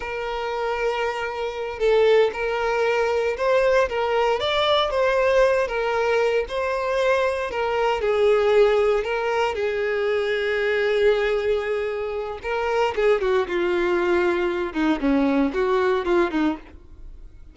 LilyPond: \new Staff \with { instrumentName = "violin" } { \time 4/4 \tempo 4 = 116 ais'2.~ ais'8 a'8~ | a'8 ais'2 c''4 ais'8~ | ais'8 d''4 c''4. ais'4~ | ais'8 c''2 ais'4 gis'8~ |
gis'4. ais'4 gis'4.~ | gis'1 | ais'4 gis'8 fis'8 f'2~ | f'8 dis'8 cis'4 fis'4 f'8 dis'8 | }